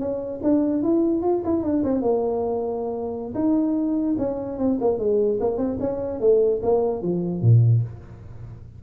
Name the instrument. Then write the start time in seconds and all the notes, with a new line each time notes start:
tuba
0.00 C#4
0.44 D4
0.83 E4
1.23 F4
1.45 E4
1.63 D4
1.84 C4
2.02 A#3
3.35 D#4
4.18 C#4
4.58 C4
4.81 A#3
4.99 G#3
5.40 A#3
5.58 C4
5.80 C#4
6.21 A3
6.63 A#3
7.03 F3
7.42 A#2